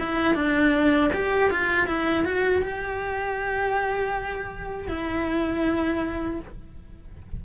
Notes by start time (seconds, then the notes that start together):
0.00 E4
0.35 D4
1.14 G4
1.51 F4
1.87 E4
2.25 F#4
2.62 G4
4.88 E4